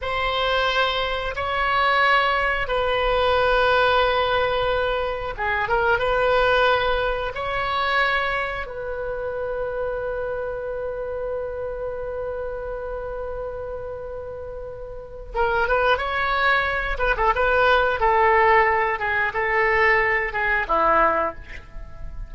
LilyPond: \new Staff \with { instrumentName = "oboe" } { \time 4/4 \tempo 4 = 90 c''2 cis''2 | b'1 | gis'8 ais'8 b'2 cis''4~ | cis''4 b'2.~ |
b'1~ | b'2. ais'8 b'8 | cis''4. b'16 a'16 b'4 a'4~ | a'8 gis'8 a'4. gis'8 e'4 | }